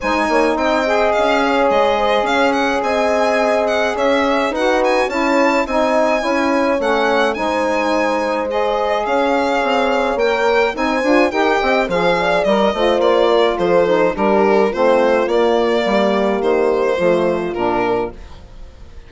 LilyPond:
<<
  \new Staff \with { instrumentName = "violin" } { \time 4/4 \tempo 4 = 106 gis''4 g''4 f''4 dis''4 | f''8 fis''8 gis''4. fis''8 e''4 | fis''8 gis''8 a''4 gis''2 | fis''4 gis''2 dis''4 |
f''2 g''4 gis''4 | g''4 f''4 dis''4 d''4 | c''4 ais'4 c''4 d''4~ | d''4 c''2 ais'4 | }
  \new Staff \with { instrumentName = "horn" } { \time 4/4 c''8 cis''8 dis''4. cis''4 c''8 | cis''4 dis''2 cis''4 | b'4 cis''4 dis''4 cis''4~ | cis''4 c''2. |
cis''2. c''4 | ais'8 dis''8 c''8 d''4 c''4 ais'8 | a'4 g'4 f'2 | g'2 f'2 | }
  \new Staff \with { instrumentName = "saxophone" } { \time 4/4 dis'4. gis'2~ gis'8~ | gis'1 | fis'4 e'4 dis'4 e'4 | cis'4 dis'2 gis'4~ |
gis'2 ais'4 dis'8 f'8 | g'4 gis'4 ais'8 f'4.~ | f'8 dis'8 d'4 c'4 ais4~ | ais2 a4 d'4 | }
  \new Staff \with { instrumentName = "bassoon" } { \time 4/4 gis8 ais8 c'4 cis'4 gis4 | cis'4 c'2 cis'4 | dis'4 cis'4 c'4 cis'4 | a4 gis2. |
cis'4 c'4 ais4 c'8 d'8 | dis'8 c'8 f4 g8 a8 ais4 | f4 g4 a4 ais4 | g4 dis4 f4 ais,4 | }
>>